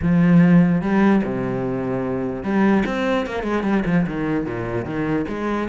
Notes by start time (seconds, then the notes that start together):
0.02 F3
0.81 G3
1.24 C3
2.43 G3
2.86 C4
3.26 A#3
3.43 G#3
3.63 G3
3.85 F3
4.07 D#3
4.46 A#2
4.85 D#3
5.28 G#3